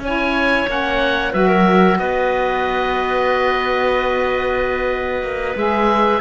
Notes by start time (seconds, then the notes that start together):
0.00 C#4 E4 C#5 G#5
0.67 A#3 C#4 F#5
1.32 F#3 F#4 B4 E5
1.48 A#4
1.99 B3 B4 D#5
5.22 A#3
5.57 G#3 G#4 E5